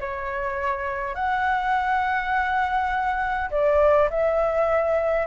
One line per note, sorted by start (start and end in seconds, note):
0.00 1.15 C#5
1.15 3.50 F#5
3.50 4.09 D5
4.10 5.26 E5